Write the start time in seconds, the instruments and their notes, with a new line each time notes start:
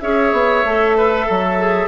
0.00 bassoon C#4, clarinet G#4, oboe C#5, flute E5
0.33 bassoon B3
0.64 bassoon A3, clarinet A4
0.97 oboe B4
1.26 bassoon F#3, oboe A4
1.59 clarinet G#4